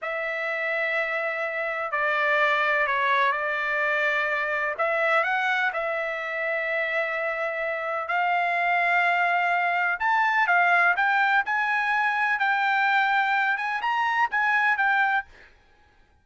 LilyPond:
\new Staff \with { instrumentName = "trumpet" } { \time 4/4 \tempo 4 = 126 e''1 | d''2 cis''4 d''4~ | d''2 e''4 fis''4 | e''1~ |
e''4 f''2.~ | f''4 a''4 f''4 g''4 | gis''2 g''2~ | g''8 gis''8 ais''4 gis''4 g''4 | }